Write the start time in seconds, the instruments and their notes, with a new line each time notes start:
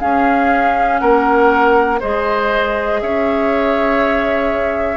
0.00 clarinet C#4, bassoon C#4, oboe G#4, flute F5
0.99 bassoon A#3, oboe A#4, flute F#5
2.00 bassoon G#3, clarinet G#4, oboe C5, flute D#5
3.01 bassoon C#4, oboe C#5, flute E5